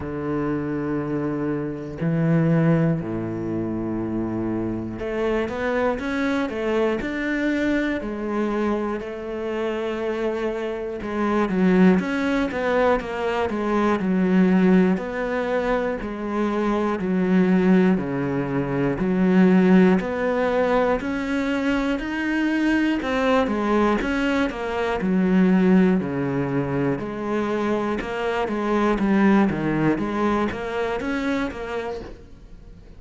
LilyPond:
\new Staff \with { instrumentName = "cello" } { \time 4/4 \tempo 4 = 60 d2 e4 a,4~ | a,4 a8 b8 cis'8 a8 d'4 | gis4 a2 gis8 fis8 | cis'8 b8 ais8 gis8 fis4 b4 |
gis4 fis4 cis4 fis4 | b4 cis'4 dis'4 c'8 gis8 | cis'8 ais8 fis4 cis4 gis4 | ais8 gis8 g8 dis8 gis8 ais8 cis'8 ais8 | }